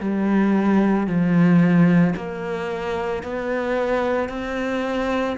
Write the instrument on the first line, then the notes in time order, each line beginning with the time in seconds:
cello
0.00 G3
1.07 F3
2.16 A#3
3.23 B3
4.29 C4